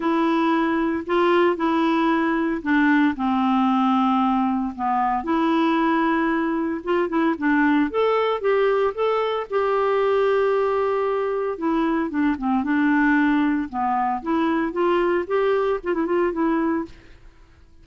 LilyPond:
\new Staff \with { instrumentName = "clarinet" } { \time 4/4 \tempo 4 = 114 e'2 f'4 e'4~ | e'4 d'4 c'2~ | c'4 b4 e'2~ | e'4 f'8 e'8 d'4 a'4 |
g'4 a'4 g'2~ | g'2 e'4 d'8 c'8 | d'2 b4 e'4 | f'4 g'4 f'16 e'16 f'8 e'4 | }